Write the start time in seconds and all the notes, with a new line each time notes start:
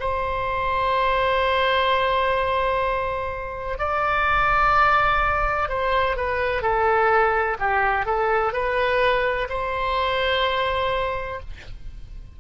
0.00 C5
3.78 D5
5.69 C5
6.16 B4
6.62 A4
7.59 G4
8.06 A4
8.53 B4
9.50 C5